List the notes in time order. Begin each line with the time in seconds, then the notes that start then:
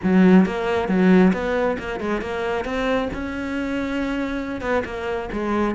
0.03 F#3
0.45 A#3
0.88 F#3
1.33 B3
1.79 A#3
2.00 G#3
2.21 A#3
2.64 C4
3.13 C#4
4.61 B3
4.84 A#3
5.32 G#3